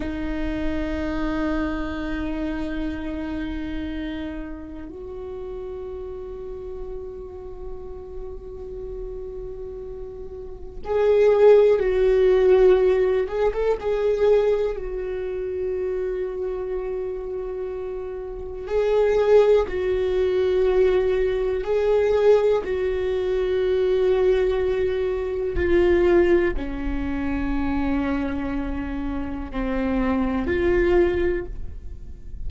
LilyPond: \new Staff \with { instrumentName = "viola" } { \time 4/4 \tempo 4 = 61 dis'1~ | dis'4 fis'2.~ | fis'2. gis'4 | fis'4. gis'16 a'16 gis'4 fis'4~ |
fis'2. gis'4 | fis'2 gis'4 fis'4~ | fis'2 f'4 cis'4~ | cis'2 c'4 f'4 | }